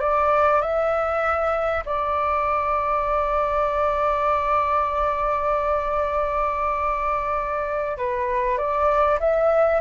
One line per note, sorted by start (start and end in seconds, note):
0.00 0.61 D5
0.62 1.84 E5
1.85 7.97 D5
7.97 8.58 B4
8.58 9.19 D5
9.20 9.81 E5